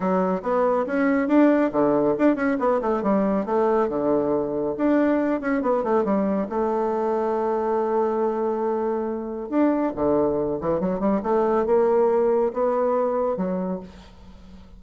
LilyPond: \new Staff \with { instrumentName = "bassoon" } { \time 4/4 \tempo 4 = 139 fis4 b4 cis'4 d'4 | d4 d'8 cis'8 b8 a8 g4 | a4 d2 d'4~ | d'8 cis'8 b8 a8 g4 a4~ |
a1~ | a2 d'4 d4~ | d8 e8 fis8 g8 a4 ais4~ | ais4 b2 fis4 | }